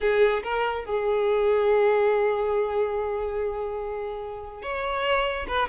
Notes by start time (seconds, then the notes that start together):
0.00 G#4
0.43 A#4
0.85 G#4
4.62 C#5
5.47 B4